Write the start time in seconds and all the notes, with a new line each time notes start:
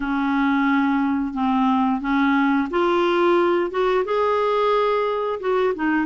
0.00 C#4
1.33 C4
2.00 C#4
2.70 F4
3.70 F#4
4.04 G#4
5.40 F#4
5.75 D#4